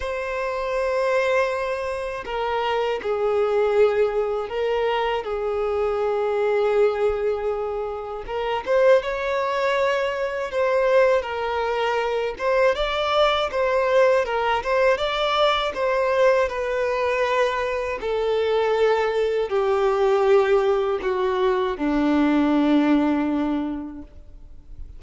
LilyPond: \new Staff \with { instrumentName = "violin" } { \time 4/4 \tempo 4 = 80 c''2. ais'4 | gis'2 ais'4 gis'4~ | gis'2. ais'8 c''8 | cis''2 c''4 ais'4~ |
ais'8 c''8 d''4 c''4 ais'8 c''8 | d''4 c''4 b'2 | a'2 g'2 | fis'4 d'2. | }